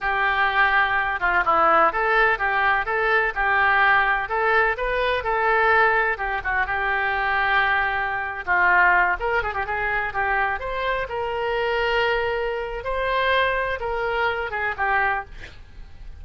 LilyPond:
\new Staff \with { instrumentName = "oboe" } { \time 4/4 \tempo 4 = 126 g'2~ g'8 f'8 e'4 | a'4 g'4 a'4 g'4~ | g'4 a'4 b'4 a'4~ | a'4 g'8 fis'8 g'2~ |
g'4.~ g'16 f'4. ais'8 gis'16 | g'16 gis'4 g'4 c''4 ais'8.~ | ais'2. c''4~ | c''4 ais'4. gis'8 g'4 | }